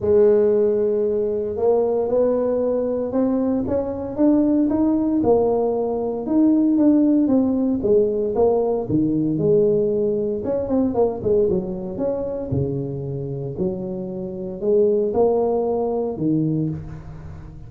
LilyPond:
\new Staff \with { instrumentName = "tuba" } { \time 4/4 \tempo 4 = 115 gis2. ais4 | b2 c'4 cis'4 | d'4 dis'4 ais2 | dis'4 d'4 c'4 gis4 |
ais4 dis4 gis2 | cis'8 c'8 ais8 gis8 fis4 cis'4 | cis2 fis2 | gis4 ais2 dis4 | }